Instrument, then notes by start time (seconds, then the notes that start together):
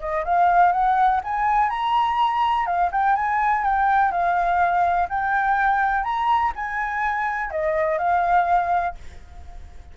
flute
0.00 D#5
0.25 F5
0.72 F#5
1.24 G#5
1.70 A#5
2.66 F5
2.92 G5
3.16 G#5
3.64 G5
4.12 F5
5.09 G5
6.04 A#5
6.55 G#5
7.51 D#5
7.98 F5